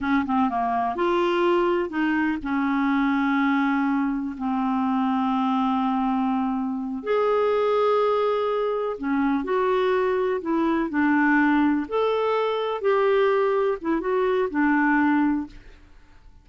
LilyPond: \new Staff \with { instrumentName = "clarinet" } { \time 4/4 \tempo 4 = 124 cis'8 c'8 ais4 f'2 | dis'4 cis'2.~ | cis'4 c'2.~ | c'2~ c'8 gis'4.~ |
gis'2~ gis'8 cis'4 fis'8~ | fis'4. e'4 d'4.~ | d'8 a'2 g'4.~ | g'8 e'8 fis'4 d'2 | }